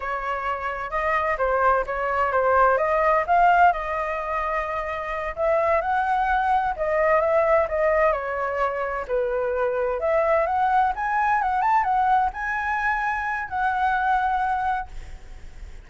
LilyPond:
\new Staff \with { instrumentName = "flute" } { \time 4/4 \tempo 4 = 129 cis''2 dis''4 c''4 | cis''4 c''4 dis''4 f''4 | dis''2.~ dis''8 e''8~ | e''8 fis''2 dis''4 e''8~ |
e''8 dis''4 cis''2 b'8~ | b'4. e''4 fis''4 gis''8~ | gis''8 fis''8 a''8 fis''4 gis''4.~ | gis''4 fis''2. | }